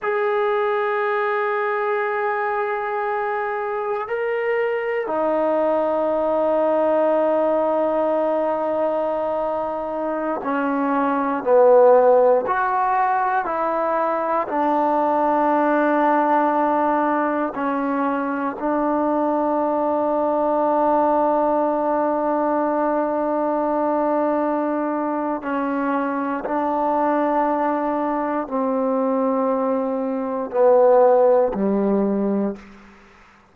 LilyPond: \new Staff \with { instrumentName = "trombone" } { \time 4/4 \tempo 4 = 59 gis'1 | ais'4 dis'2.~ | dis'2~ dis'16 cis'4 b8.~ | b16 fis'4 e'4 d'4.~ d'16~ |
d'4~ d'16 cis'4 d'4.~ d'16~ | d'1~ | d'4 cis'4 d'2 | c'2 b4 g4 | }